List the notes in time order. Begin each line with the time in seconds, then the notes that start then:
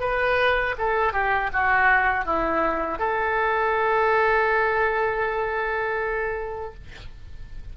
0.00 B4
0.78 A4
1.12 G4
1.53 F#4
2.25 E4
2.99 A4